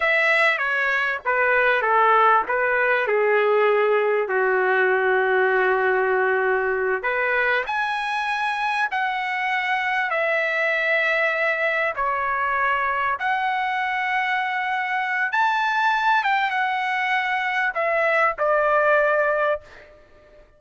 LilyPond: \new Staff \with { instrumentName = "trumpet" } { \time 4/4 \tempo 4 = 98 e''4 cis''4 b'4 a'4 | b'4 gis'2 fis'4~ | fis'2.~ fis'8 b'8~ | b'8 gis''2 fis''4.~ |
fis''8 e''2. cis''8~ | cis''4. fis''2~ fis''8~ | fis''4 a''4. g''8 fis''4~ | fis''4 e''4 d''2 | }